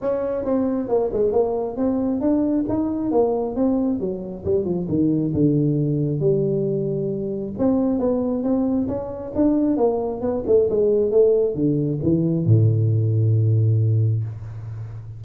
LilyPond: \new Staff \with { instrumentName = "tuba" } { \time 4/4 \tempo 4 = 135 cis'4 c'4 ais8 gis8 ais4 | c'4 d'4 dis'4 ais4 | c'4 fis4 g8 f8 dis4 | d2 g2~ |
g4 c'4 b4 c'4 | cis'4 d'4 ais4 b8 a8 | gis4 a4 d4 e4 | a,1 | }